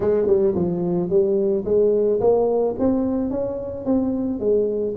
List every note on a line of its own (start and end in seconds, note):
0.00 0.26 G#3
0.26 0.54 G3
0.55 1.09 F3
1.09 1.64 G3
1.65 2.20 G#3
2.20 2.75 A#3
2.78 3.30 C4
3.30 3.85 C#4
3.85 4.39 C4
4.39 4.94 G#3